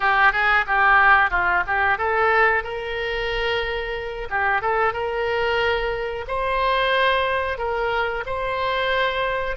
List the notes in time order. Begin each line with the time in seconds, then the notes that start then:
0.00 G4
0.32 G#4
0.66 G4
1.30 F4
1.66 G4
1.98 A4
2.63 A#4
4.29 G4
4.61 A4
4.93 A#4
6.27 C5
7.58 A#4
8.26 C5